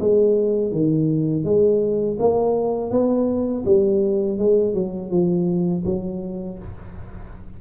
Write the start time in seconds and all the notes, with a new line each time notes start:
0.00 G#3
0.72 D#3
1.45 G#3
2.20 A#3
2.91 B3
3.66 G3
4.39 G#3
4.74 F#3
5.11 F3
5.86 F#3